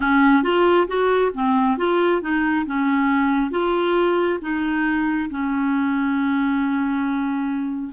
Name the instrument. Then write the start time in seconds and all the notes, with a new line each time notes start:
clarinet
0.00 C#4
0.43 F4
0.87 F#4
1.34 C4
1.77 F4
2.21 D#4
2.66 C#4
3.51 F4
4.41 D#4
5.29 C#4